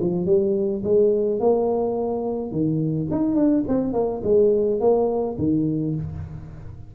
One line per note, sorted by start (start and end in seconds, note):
0.00 0.26 F3
0.26 0.82 G3
0.84 1.39 G#3
1.39 2.51 A#3
2.51 3.08 D#3
3.11 3.35 D#4
3.35 3.64 D4
3.68 3.93 C4
3.93 4.21 A#3
4.23 4.80 G#3
4.80 5.36 A#3
5.38 5.95 D#3